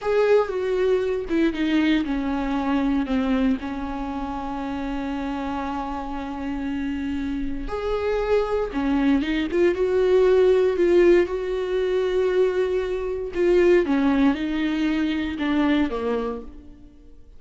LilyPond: \new Staff \with { instrumentName = "viola" } { \time 4/4 \tempo 4 = 117 gis'4 fis'4. e'8 dis'4 | cis'2 c'4 cis'4~ | cis'1~ | cis'2. gis'4~ |
gis'4 cis'4 dis'8 f'8 fis'4~ | fis'4 f'4 fis'2~ | fis'2 f'4 cis'4 | dis'2 d'4 ais4 | }